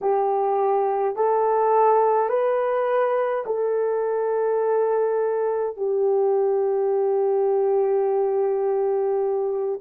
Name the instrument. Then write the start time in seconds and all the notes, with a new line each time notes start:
horn
0.01 G4
1.15 A4
2.29 B4
3.46 A4
5.76 G4